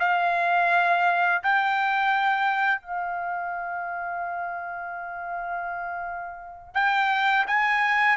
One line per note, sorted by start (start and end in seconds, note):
0.00 1.43 F5
1.43 2.82 G5
2.82 6.75 F5
6.75 7.46 G5
7.48 8.18 G#5